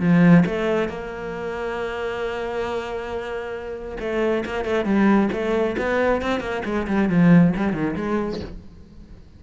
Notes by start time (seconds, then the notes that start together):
0.00 F3
0.46 A3
0.88 A#3
4.00 A3
4.45 A#3
4.64 A3
4.85 G3
5.32 A3
5.78 B3
6.22 C4
6.40 A#3
6.65 G#3
6.87 G3
7.10 F3
7.56 G3
7.73 D#3
7.96 G#3